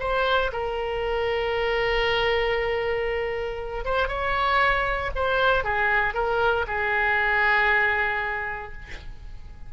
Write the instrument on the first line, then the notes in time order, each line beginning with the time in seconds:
oboe
0.00 C5
0.53 A#4
3.85 C5
4.09 C#5
5.16 C5
5.64 G#4
6.14 A#4
6.68 G#4